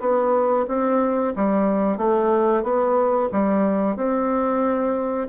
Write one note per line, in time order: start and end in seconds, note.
0.00 0.66 B3
0.68 1.34 C4
1.36 1.98 G3
1.98 2.63 A3
2.63 3.29 B3
3.32 3.96 G3
3.96 5.28 C4